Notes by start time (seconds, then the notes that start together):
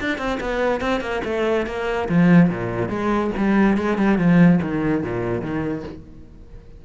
0.00 D4
0.18 C4
0.40 B3
0.80 C4
1.00 A#3
1.24 A3
1.66 A#3
2.08 F3
2.49 A#2
2.88 G#3
3.37 G3
3.77 G#3
3.97 G3
4.17 F3
4.62 D#3
5.03 A#2
5.41 D#3